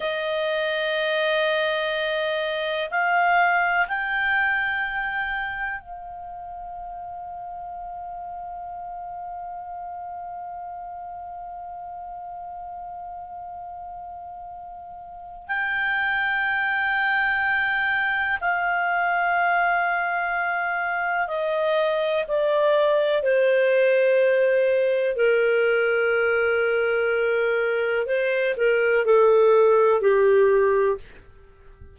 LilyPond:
\new Staff \with { instrumentName = "clarinet" } { \time 4/4 \tempo 4 = 62 dis''2. f''4 | g''2 f''2~ | f''1~ | f''1 |
g''2. f''4~ | f''2 dis''4 d''4 | c''2 ais'2~ | ais'4 c''8 ais'8 a'4 g'4 | }